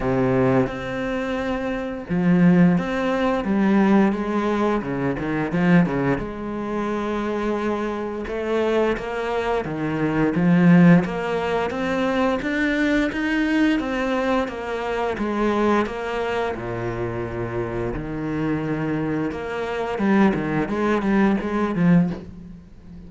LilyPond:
\new Staff \with { instrumentName = "cello" } { \time 4/4 \tempo 4 = 87 c4 c'2 f4 | c'4 g4 gis4 cis8 dis8 | f8 cis8 gis2. | a4 ais4 dis4 f4 |
ais4 c'4 d'4 dis'4 | c'4 ais4 gis4 ais4 | ais,2 dis2 | ais4 g8 dis8 gis8 g8 gis8 f8 | }